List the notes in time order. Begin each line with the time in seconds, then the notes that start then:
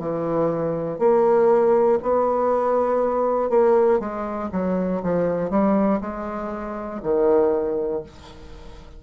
0.00 E3
0.99 A#3
2.03 B3
3.50 A#3
4.00 G#3
4.53 F#3
5.03 F3
5.51 G3
6.01 G#3
7.03 D#3